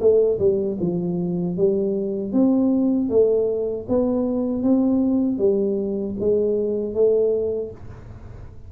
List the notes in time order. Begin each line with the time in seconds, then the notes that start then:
0.00 A3
0.39 G3
0.80 F3
1.57 G3
2.33 C4
3.09 A3
3.88 B3
4.62 C4
5.38 G3
6.20 G#3
6.94 A3